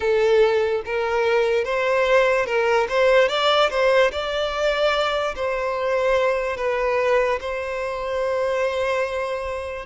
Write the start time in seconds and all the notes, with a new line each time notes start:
0.00 A4
0.85 A#4
1.64 C5
2.46 A#4
2.88 C5
3.28 D5
3.70 C5
4.11 D5
5.35 C5
6.56 B4
7.40 C5